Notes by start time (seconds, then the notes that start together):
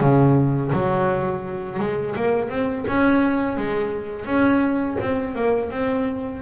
0.00 C#3
0.73 F#3
1.79 G#3
2.16 A#3
2.49 C4
2.88 C#4
3.57 G#3
4.25 C#4
5.00 C4
5.35 A#3
5.71 C4